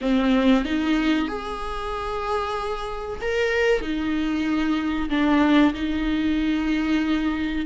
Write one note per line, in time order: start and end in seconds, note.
0.01 0.64 C4
0.64 1.28 D#4
1.28 3.19 G#4
3.21 3.81 A#4
3.81 5.09 D#4
5.09 5.73 D4
5.74 7.65 D#4